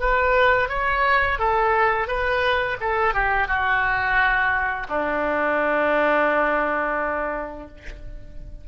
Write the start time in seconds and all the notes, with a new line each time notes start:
0.00 B4
0.69 C#5
1.39 A4
2.07 B4
2.80 A4
3.14 G4
3.48 F#4
4.89 D4